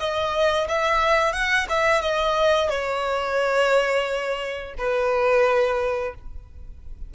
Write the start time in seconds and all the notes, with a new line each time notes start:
0.00 D#5
0.69 E5
1.33 F#5
1.70 E5
2.02 D#5
2.70 C#5
4.78 B4